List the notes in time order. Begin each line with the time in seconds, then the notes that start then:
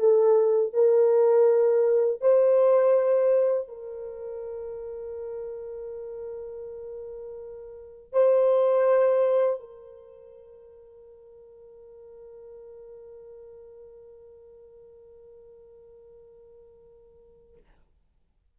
0.00 A4
0.74 A#4
2.22 C5
3.69 A#4
8.13 C5
9.60 A#4